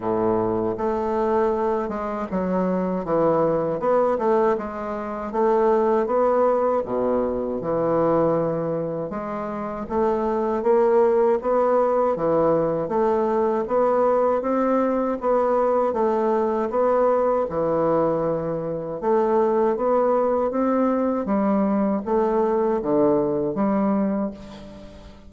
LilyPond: \new Staff \with { instrumentName = "bassoon" } { \time 4/4 \tempo 4 = 79 a,4 a4. gis8 fis4 | e4 b8 a8 gis4 a4 | b4 b,4 e2 | gis4 a4 ais4 b4 |
e4 a4 b4 c'4 | b4 a4 b4 e4~ | e4 a4 b4 c'4 | g4 a4 d4 g4 | }